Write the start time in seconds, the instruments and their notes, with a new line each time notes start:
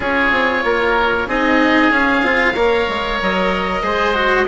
0.00 bassoon C#4, cello F4, oboe G#4 C#5
0.31 bassoon C4
0.64 bassoon A#3, oboe A#4
1.27 bassoon C4, cello D#4, oboe G#4 D#5
1.90 bassoon C#4, cello C#4, oboe F5
2.22 bassoon C4, cello F4
2.54 bassoon A#3, cello A#4, oboe C#5
2.88 bassoon G#3
3.21 bassoon F#3, oboe D#5
3.82 bassoon G#3, cello G#4, oboe C5
4.14 cello F#4